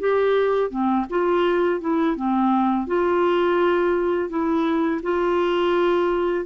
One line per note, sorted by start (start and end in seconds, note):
0.00 0.70 G4
0.70 1.06 C4
1.10 1.81 F4
1.81 2.16 E4
2.16 2.87 C4
2.87 4.30 F4
4.30 5.01 E4
5.03 6.46 F4